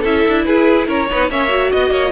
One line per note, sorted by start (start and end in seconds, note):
0.00 0.25 C#4
0.00 1.09 E4
0.00 0.42 A4
0.00 0.45 E5
0.28 0.47 D4
0.45 0.88 E4
0.45 0.88 G#4
0.45 0.87 B4
0.88 1.09 C#4
0.88 1.09 A#4
0.88 1.30 C#5
1.10 1.30 B3
1.10 1.31 D#4
1.10 1.30 B4
1.30 1.72 A#3
1.30 1.49 C#4
1.30 1.72 C#5
1.30 1.72 E5
1.49 2.11 F#4
1.72 1.91 B3
1.72 1.91 D#5
1.72 2.12 D#5
1.91 2.12 A#3
1.91 2.12 C#5